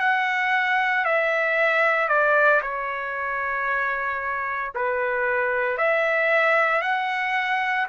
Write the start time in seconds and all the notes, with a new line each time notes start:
0.00 F#5
1.05 E5
2.09 D5
2.63 C#5
4.75 B4
5.78 E5
6.82 F#5